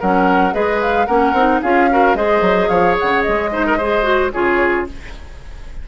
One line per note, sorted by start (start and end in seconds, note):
0.00 0.54 F#3
0.00 0.52 C#4
0.00 0.54 A#4
0.00 0.54 F#5
0.52 1.08 G#3
0.52 1.06 G#4
0.52 1.07 B4
0.52 0.81 D#5
0.82 1.06 F5
1.06 1.33 A#3
1.06 1.36 C#4
1.06 1.61 A#4
1.06 1.60 F#5
1.33 1.60 C4
1.33 1.63 D#4
1.62 2.14 C#4
1.62 1.90 F4
1.62 1.89 G#4
1.62 2.16 F5
1.91 2.16 F#4
1.91 2.17 A#4
2.14 2.41 G#3
2.14 3.51 G#4
2.14 2.69 C5
2.14 2.69 D#5
2.41 2.68 F#3
2.69 2.97 F3
2.69 3.50 C#5
2.69 2.96 F5
3.00 3.27 C#3
3.00 3.22 F#5
3.22 4.34 G#3
3.22 4.30 D#5
3.51 3.78 D#4
3.51 3.66 C5
3.66 3.78 A#4
3.78 4.03 G#4
3.78 4.32 C5
4.03 4.30 F#4
4.33 4.88 C#3
4.33 4.88 F4
4.33 4.88 G#4
4.33 4.87 C#5